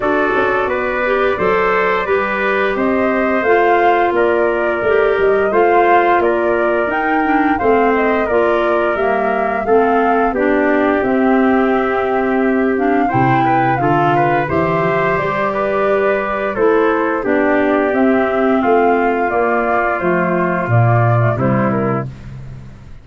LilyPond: <<
  \new Staff \with { instrumentName = "flute" } { \time 4/4 \tempo 4 = 87 d''1 | dis''4 f''4 d''4. dis''8 | f''4 d''4 g''4 f''8 dis''8 | d''4 e''4 f''4 d''4 |
e''2~ e''8 f''8 g''4 | f''4 e''4 d''2 | c''4 d''4 e''4 f''4 | d''4 c''4 d''4 c''8 ais'8 | }
  \new Staff \with { instrumentName = "trumpet" } { \time 4/4 a'4 b'4 c''4 b'4 | c''2 ais'2 | c''4 ais'2 c''4 | ais'2 a'4 g'4~ |
g'2. c''8 b'8 | a'8 b'8 c''4. b'4. | a'4 g'2 f'4~ | f'2. e'4 | }
  \new Staff \with { instrumentName = "clarinet" } { \time 4/4 fis'4. g'8 a'4 g'4~ | g'4 f'2 g'4 | f'2 dis'8 d'8 c'4 | f'4 ais4 c'4 d'4 |
c'2~ c'8 d'8 e'4 | f'4 g'2. | e'4 d'4 c'2 | ais4 a4 ais8. a16 g4 | }
  \new Staff \with { instrumentName = "tuba" } { \time 4/4 d'8 cis'8 b4 fis4 g4 | c'4 a4 ais4 a8 g8 | a4 ais4 dis'4 a4 | ais4 g4 a4 b4 |
c'2. c4 | d4 e8 f8 g2 | a4 b4 c'4 a4 | ais4 f4 ais,4 c4 | }
>>